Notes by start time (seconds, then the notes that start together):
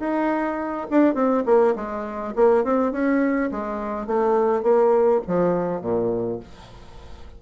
0.00 D#4
0.91 D4
1.15 C4
1.46 A#3
1.76 G#3
2.36 A#3
2.65 C4
2.93 C#4
3.51 G#3
4.07 A3
4.63 A#3
5.27 F3
5.82 A#2